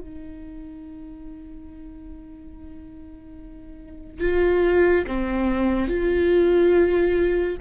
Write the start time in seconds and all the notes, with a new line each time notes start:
0.00 D#4
4.20 F4
5.07 C4
5.88 F4